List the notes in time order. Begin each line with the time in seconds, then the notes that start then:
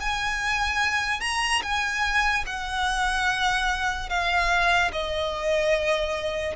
0.00 G#5
1.20 A#5
1.62 G#5
2.46 F#5
4.09 F5
4.92 D#5